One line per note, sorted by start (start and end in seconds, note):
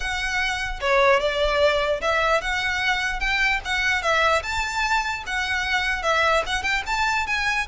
0.00 0.80 F#5
0.80 1.20 C#5
1.20 2.00 D5
2.01 2.41 E5
2.41 3.20 F#5
3.20 3.60 G5
3.64 4.02 F#5
4.02 4.42 E5
4.43 5.23 A5
5.26 6.02 F#5
6.02 6.43 E5
6.46 6.62 F#5
6.62 6.83 G5
6.86 7.26 A5
7.26 7.67 G#5